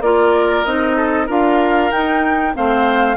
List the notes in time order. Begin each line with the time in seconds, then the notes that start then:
0.00 A#3 F4 A#4 D5
0.64 C4 D#4 D#5
0.96 A4
1.26 D4 F4 A#4 F5
1.91 D#4 G5
2.53 A3 C4 C5 F5